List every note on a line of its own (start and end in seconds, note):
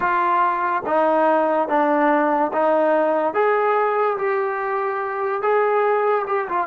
0.00 0.83 F4
0.86 1.68 D#4
1.68 2.52 D4
2.52 3.33 D#4
3.33 4.17 G#4
4.17 5.42 G4
5.42 6.25 G#4
6.27 6.48 G4
6.48 6.67 F4